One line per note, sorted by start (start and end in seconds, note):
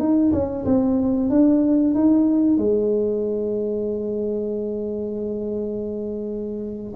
0.00 0.32 D#4
0.33 0.65 C#4
0.66 1.30 C4
1.30 1.94 D4
1.95 2.58 D#4
2.58 6.93 G#3